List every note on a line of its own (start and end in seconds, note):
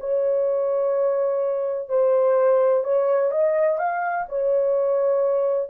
0.00 1.89 C#5
1.89 2.84 C5
2.84 3.32 C#5
3.32 3.78 D#5
3.78 4.26 F5
4.29 5.70 C#5